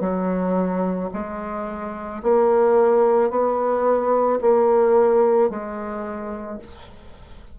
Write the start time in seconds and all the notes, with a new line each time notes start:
0.00 F#3
1.13 G#3
2.22 A#3
3.30 B3
4.41 A#3
5.49 G#3